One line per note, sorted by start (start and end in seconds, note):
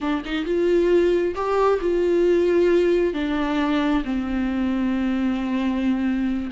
0.00 0.23 D4
0.25 0.45 D#4
0.45 1.34 F4
1.35 1.79 G4
1.81 3.13 F4
3.13 4.03 D4
4.04 6.50 C4